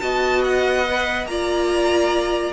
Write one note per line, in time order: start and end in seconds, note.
0.00 1.25 B3
0.00 0.85 F#4
0.00 1.28 D#5
0.00 0.42 A5
0.44 1.27 F#5
0.87 1.29 B4
1.25 2.51 A#3
1.25 2.53 F4
1.25 2.53 D5
1.25 2.52 A#5